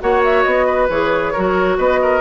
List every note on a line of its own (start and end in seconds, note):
0.00 0.45 A#3
0.00 0.89 F#4
0.00 0.66 C#5
0.00 0.23 F#5
0.24 0.43 E5
0.43 0.89 B3
0.43 0.87 D#5
0.66 1.32 B4
0.89 1.33 E3
0.89 1.35 G#4
0.89 1.78 C#5
1.32 1.78 F#3
1.32 2.20 F#4
1.32 1.77 A#4
1.77 2.20 B3
1.77 2.00 B4
1.77 2.20 D#5
2.02 2.20 A#4